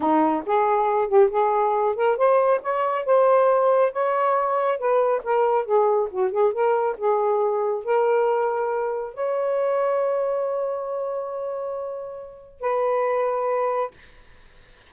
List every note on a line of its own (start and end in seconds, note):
0.00 0.43 D#4
0.45 1.08 G#4
1.08 1.29 G4
1.30 1.95 G#4
1.95 2.17 A#4
2.17 2.60 C5
2.62 3.05 C#5
3.05 3.92 C5
3.92 4.78 C#5
4.78 5.22 B4
5.23 5.65 A#4
5.65 6.08 G#4
6.10 6.31 F#4
6.31 6.53 G#4
6.53 6.96 A#4
6.97 7.84 G#4
7.84 9.14 A#4
9.14 12.60 C#5
12.60 13.90 B4